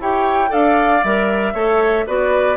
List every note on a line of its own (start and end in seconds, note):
0.00 0.52 E4
0.00 0.48 G4
0.00 0.50 C#5
0.00 0.53 G5
0.48 1.04 D4
0.48 1.00 A4
0.48 1.53 D5
0.48 1.04 F5
1.04 1.54 G3
1.04 1.54 A#4
1.04 2.08 E5
1.54 2.05 A3
1.54 2.06 A4
1.54 2.06 C#5
2.07 2.57 B3
2.07 2.57 F#4
2.07 2.57 B4
2.07 2.57 D5